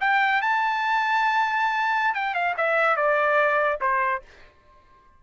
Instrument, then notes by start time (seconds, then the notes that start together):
trumpet
0.00 G5
0.42 A5
2.14 G5
2.34 F5
2.57 E5
2.96 D5
3.80 C5